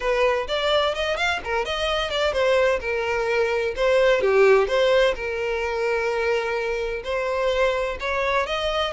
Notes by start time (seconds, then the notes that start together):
0.00 B4
0.47 D5
0.94 D#5
1.16 F5
1.44 A#4
1.65 D#5
2.10 D5
2.32 C5
2.80 A#4
3.76 C5
4.21 G4
4.67 C5
5.15 A#4
7.03 C5
7.99 C#5
8.46 D#5